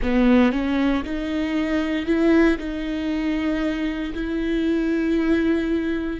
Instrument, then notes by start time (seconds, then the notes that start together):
viola
0.02 B3
0.52 C#4
1.03 D#4
2.05 E4
2.58 D#4
4.14 E4